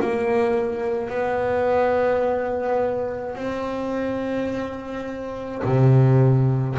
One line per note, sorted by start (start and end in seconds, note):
0.00 1.09 A#3
1.09 3.35 B3
3.35 5.61 C4
5.64 6.77 C3